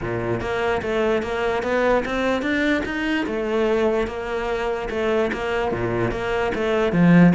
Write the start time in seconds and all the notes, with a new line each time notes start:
0.01 A#2
0.40 A#3
0.82 A3
1.22 A#3
1.63 B3
2.05 C4
2.42 D4
2.85 D#4
3.26 A3
4.07 A#3
4.90 A3
5.32 A#3
5.71 A#2
6.11 A#3
6.54 A3
6.92 F3